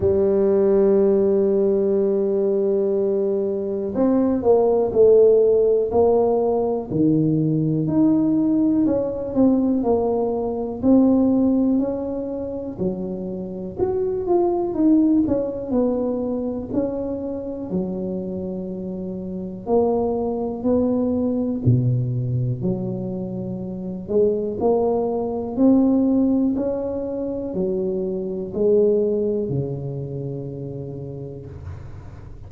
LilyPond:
\new Staff \with { instrumentName = "tuba" } { \time 4/4 \tempo 4 = 61 g1 | c'8 ais8 a4 ais4 dis4 | dis'4 cis'8 c'8 ais4 c'4 | cis'4 fis4 fis'8 f'8 dis'8 cis'8 |
b4 cis'4 fis2 | ais4 b4 b,4 fis4~ | fis8 gis8 ais4 c'4 cis'4 | fis4 gis4 cis2 | }